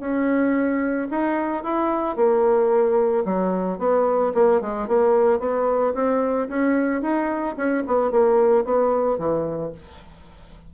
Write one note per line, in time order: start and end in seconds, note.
0.00 1.08 C#4
1.11 1.63 D#4
1.63 2.16 E4
2.16 3.24 A#3
3.25 3.79 F#3
3.79 4.33 B3
4.34 4.61 A#3
4.61 4.88 G#3
4.88 5.40 A#3
5.40 5.94 B3
5.94 6.48 C4
6.49 7.02 C#4
7.02 7.56 D#4
7.57 7.84 C#4
7.87 8.11 B3
8.11 8.65 A#3
8.65 9.18 B3
9.18 9.72 E3